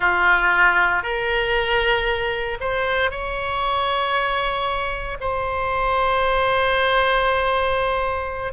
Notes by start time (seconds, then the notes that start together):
0.00 F4
1.03 A#4
2.60 C5
3.10 C#5
5.20 C5